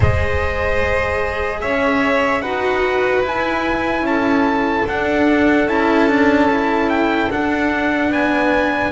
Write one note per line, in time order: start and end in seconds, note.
0.00 1.62 G#3
0.00 2.43 G#4
0.00 1.59 C5
0.00 1.60 D#5
1.60 2.42 C#4
1.60 2.42 C#5
1.60 2.41 E5
2.41 3.22 D#4
2.41 3.23 F#4
2.41 4.04 B4
2.41 3.22 F#5
3.22 4.01 E4
3.22 4.85 E4
3.22 4.06 G#5
4.01 4.82 C#4
4.01 4.87 A5
4.08 8.11 A4
4.85 5.66 D4
4.85 5.68 D4
4.85 5.68 F#5
5.66 7.28 C#4
5.66 6.08 E4
5.66 6.89 A5
6.08 6.48 D4
6.50 7.30 E4
6.89 7.30 G5
7.30 8.91 D4
7.30 8.08 D4
7.30 8.12 F#5
8.08 8.90 B3
8.08 8.91 B4
8.08 8.91 G#5